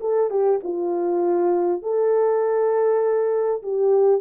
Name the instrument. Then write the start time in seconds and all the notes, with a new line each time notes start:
horn
0.00 A4
0.30 G4
0.64 F4
1.82 A4
3.62 G4